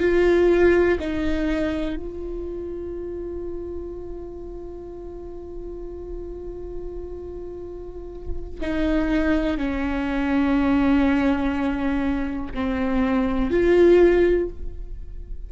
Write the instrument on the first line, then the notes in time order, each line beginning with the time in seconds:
viola
0.00 F4
1.00 D#4
1.96 F4
8.61 D#4
9.57 C#4
12.54 C4
13.50 F4